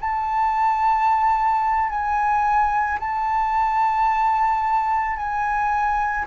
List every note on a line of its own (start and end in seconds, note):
0.00 1.89 A5
1.89 2.99 G#5
3.00 5.16 A5
5.16 6.25 G#5